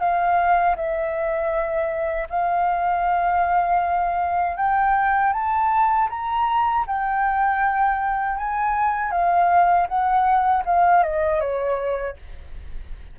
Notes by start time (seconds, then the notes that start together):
0.00 F5
0.76 E5
2.30 F5
4.57 G5
5.33 A5
6.10 A#5
6.87 G5
8.38 G#5
9.11 F5
9.88 F#5
10.66 F5
11.04 D#5
11.41 C#5